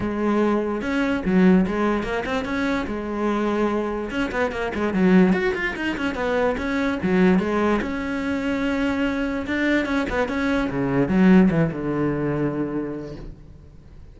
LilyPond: \new Staff \with { instrumentName = "cello" } { \time 4/4 \tempo 4 = 146 gis2 cis'4 fis4 | gis4 ais8 c'8 cis'4 gis4~ | gis2 cis'8 b8 ais8 gis8 | fis4 fis'8 f'8 dis'8 cis'8 b4 |
cis'4 fis4 gis4 cis'4~ | cis'2. d'4 | cis'8 b8 cis'4 cis4 fis4 | e8 d2.~ d8 | }